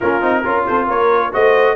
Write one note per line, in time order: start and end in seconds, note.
0.00 0.22 A#3
0.00 0.21 C#4
0.00 0.45 F4
0.00 0.65 A#4
0.21 0.44 C4
0.21 0.43 D#4
0.44 0.67 C#4
0.44 1.32 F4
0.44 0.68 A#4
0.66 0.88 C4
0.66 0.87 A4
0.66 0.88 C5
0.87 1.32 A#3
0.87 1.31 A#4
0.87 1.33 C#5
1.32 1.76 A3
1.32 1.76 F#4
1.32 1.76 C5
1.32 1.76 D#5